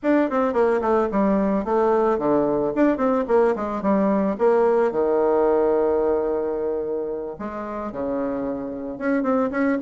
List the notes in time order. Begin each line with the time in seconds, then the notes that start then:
0.02 D4
0.30 C4
0.53 A#3
0.81 A3
1.11 G3
1.64 A3
2.18 D3
2.75 D4
2.97 C4
3.27 A#3
3.55 G#3
3.82 G3
4.38 A#3
4.91 D#3
7.38 G#3
7.92 C#3
8.98 C#4
9.23 C4
9.50 C#4